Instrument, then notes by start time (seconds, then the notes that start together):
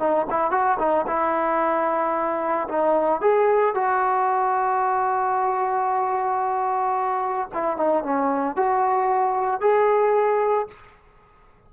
trombone
0.00 D#4
0.31 E4
0.52 F#4
0.79 D#4
1.08 E4
2.69 D#4
3.22 G#4
3.75 F#4
7.54 E4
7.78 D#4
8.04 C#4
8.57 F#4
9.61 G#4